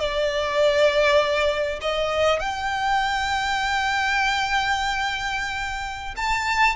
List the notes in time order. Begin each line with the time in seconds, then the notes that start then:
0.00 D5
1.82 D#5
2.40 G5
6.17 A5